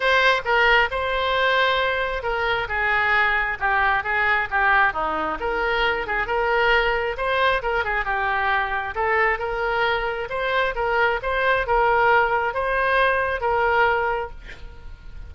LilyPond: \new Staff \with { instrumentName = "oboe" } { \time 4/4 \tempo 4 = 134 c''4 ais'4 c''2~ | c''4 ais'4 gis'2 | g'4 gis'4 g'4 dis'4 | ais'4. gis'8 ais'2 |
c''4 ais'8 gis'8 g'2 | a'4 ais'2 c''4 | ais'4 c''4 ais'2 | c''2 ais'2 | }